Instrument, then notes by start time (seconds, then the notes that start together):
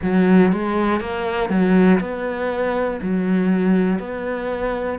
cello
0.02 F#3
0.52 G#3
1.00 A#3
1.50 F#3
2.00 B3
3.01 F#3
3.99 B3